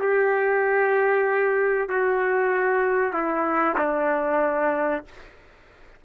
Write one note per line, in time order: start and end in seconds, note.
0.00 1.89 G4
1.89 3.13 F#4
3.13 3.76 E4
3.78 5.04 D4